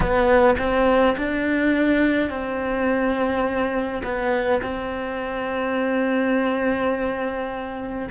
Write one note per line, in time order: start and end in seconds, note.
0.00 0.57 B3
0.58 1.16 C4
1.17 2.29 D4
2.29 4.02 C4
4.04 4.62 B3
4.62 8.08 C4